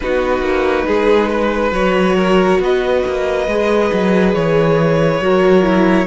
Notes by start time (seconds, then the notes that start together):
0.00 B3 D#4 F#4 B4
0.40 A#3
0.86 G#3 G#4
1.29 B4
1.71 F#3 F#4 C#5
2.16 A#4
2.58 B3 B4 D#5
3.06 A#3
3.47 G#3 G#4
3.92 F#3
4.34 E3 C#5
5.20 F#3 F#4 A#4
5.62 E4